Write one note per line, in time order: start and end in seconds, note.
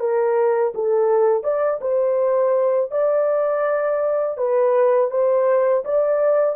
0.00 0.73 A#4
0.75 1.44 A4
1.44 1.80 D5
1.82 2.91 C5
2.92 4.38 D5
4.38 5.11 B4
5.11 5.84 C5
5.85 6.56 D5